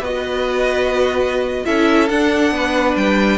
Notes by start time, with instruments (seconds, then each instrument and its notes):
0.00 cello B3, viola F#4, violin B4 D#5
1.65 cello C#4, viola E4, violin A4 E5
2.08 viola D4, cello D4, violin F#5
2.51 cello B3, violin B4
2.96 cello G3, violin G5